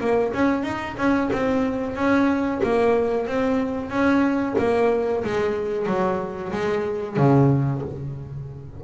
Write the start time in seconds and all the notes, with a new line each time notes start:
0.00 A#3
0.33 C#4
0.63 D#4
0.97 C#4
1.32 C4
1.95 C#4
2.63 A#3
3.27 C4
3.90 C#4
4.58 A#3
5.24 G#3
5.86 F#3
6.52 G#3
7.17 C#3